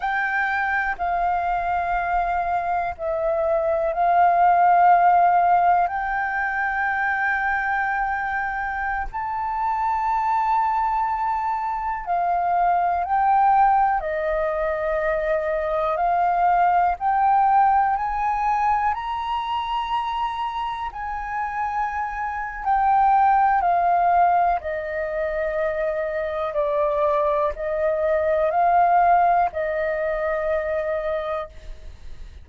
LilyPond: \new Staff \with { instrumentName = "flute" } { \time 4/4 \tempo 4 = 61 g''4 f''2 e''4 | f''2 g''2~ | g''4~ g''16 a''2~ a''8.~ | a''16 f''4 g''4 dis''4.~ dis''16~ |
dis''16 f''4 g''4 gis''4 ais''8.~ | ais''4~ ais''16 gis''4.~ gis''16 g''4 | f''4 dis''2 d''4 | dis''4 f''4 dis''2 | }